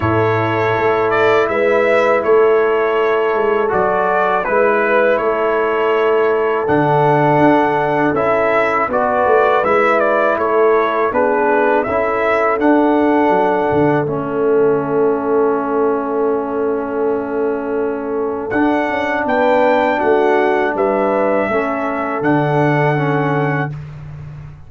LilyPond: <<
  \new Staff \with { instrumentName = "trumpet" } { \time 4/4 \tempo 4 = 81 cis''4. d''8 e''4 cis''4~ | cis''4 d''4 b'4 cis''4~ | cis''4 fis''2 e''4 | d''4 e''8 d''8 cis''4 b'4 |
e''4 fis''2 e''4~ | e''1~ | e''4 fis''4 g''4 fis''4 | e''2 fis''2 | }
  \new Staff \with { instrumentName = "horn" } { \time 4/4 a'2 b'4 a'4~ | a'2 b'4 a'4~ | a'1 | b'2 a'4 gis'4 |
a'1~ | a'1~ | a'2 b'4 fis'4 | b'4 a'2. | }
  \new Staff \with { instrumentName = "trombone" } { \time 4/4 e'1~ | e'4 fis'4 e'2~ | e'4 d'2 e'4 | fis'4 e'2 d'4 |
e'4 d'2 cis'4~ | cis'1~ | cis'4 d'2.~ | d'4 cis'4 d'4 cis'4 | }
  \new Staff \with { instrumentName = "tuba" } { \time 4/4 a,4 a4 gis4 a4~ | a8 gis8 fis4 gis4 a4~ | a4 d4 d'4 cis'4 | b8 a8 gis4 a4 b4 |
cis'4 d'4 fis8 d8 a4~ | a1~ | a4 d'8 cis'8 b4 a4 | g4 a4 d2 | }
>>